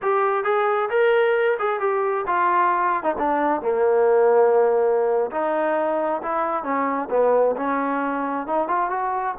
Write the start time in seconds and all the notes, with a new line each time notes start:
0.02 G4
0.43 G#4
0.90 A#4
1.59 G#4
1.79 G4
2.26 F4
3.03 D#4
3.18 D4
3.61 A#3
5.31 D#4
6.22 E4
6.63 C#4
7.10 B3
7.56 C#4
8.46 D#4
8.68 F4
8.90 F#4